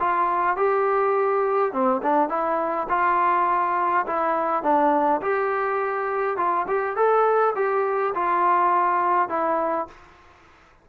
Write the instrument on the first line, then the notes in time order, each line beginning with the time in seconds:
trombone
0.00 F4
0.57 G4
1.73 C4
2.03 D4
2.29 E4
2.89 F4
4.07 E4
4.63 D4
5.22 G4
6.37 F4
6.67 G4
6.96 A4
7.56 G4
8.15 F4
9.29 E4